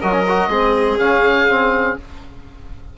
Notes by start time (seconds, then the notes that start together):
0.00 F#3 F#4 A#4 D#5
0.12 C#4
0.28 F#4
0.47 G#3 C4 G#4
0.99 C#3 C#4 F5
1.49 C4